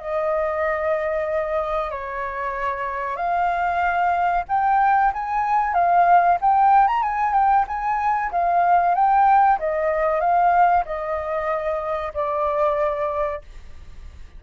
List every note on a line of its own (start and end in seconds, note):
0.00 1.91 D#5
1.91 3.17 C#5
3.17 4.44 F5
4.49 5.13 G5
5.14 5.74 G#5
5.74 6.38 F5
6.41 6.88 G5
6.88 7.03 A#5
7.03 7.33 G#5
7.33 7.65 G5
7.68 8.32 G#5
8.32 8.95 F5
8.95 9.59 G5
9.59 10.21 D#5
10.21 10.85 F5
10.85 12.13 D#5
12.15 13.42 D5